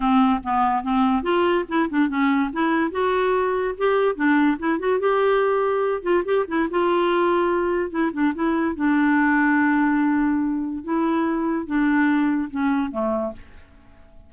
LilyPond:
\new Staff \with { instrumentName = "clarinet" } { \time 4/4 \tempo 4 = 144 c'4 b4 c'4 f'4 | e'8 d'8 cis'4 e'4 fis'4~ | fis'4 g'4 d'4 e'8 fis'8 | g'2~ g'8 f'8 g'8 e'8 |
f'2. e'8 d'8 | e'4 d'2.~ | d'2 e'2 | d'2 cis'4 a4 | }